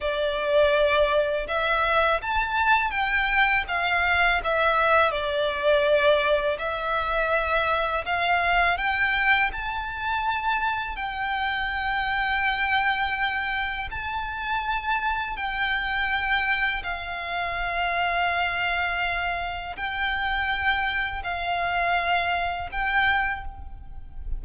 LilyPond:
\new Staff \with { instrumentName = "violin" } { \time 4/4 \tempo 4 = 82 d''2 e''4 a''4 | g''4 f''4 e''4 d''4~ | d''4 e''2 f''4 | g''4 a''2 g''4~ |
g''2. a''4~ | a''4 g''2 f''4~ | f''2. g''4~ | g''4 f''2 g''4 | }